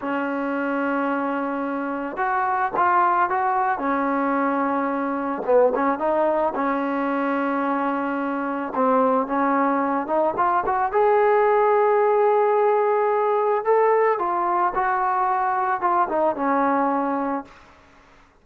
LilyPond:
\new Staff \with { instrumentName = "trombone" } { \time 4/4 \tempo 4 = 110 cis'1 | fis'4 f'4 fis'4 cis'4~ | cis'2 b8 cis'8 dis'4 | cis'1 |
c'4 cis'4. dis'8 f'8 fis'8 | gis'1~ | gis'4 a'4 f'4 fis'4~ | fis'4 f'8 dis'8 cis'2 | }